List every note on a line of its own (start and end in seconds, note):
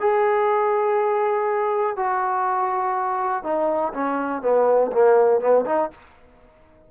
0.00 1.96 G#4
1.96 3.44 F#4
3.44 3.93 D#4
3.94 4.42 C#4
4.42 4.91 B3
4.92 5.41 A#3
5.41 5.65 B3
5.66 5.90 D#4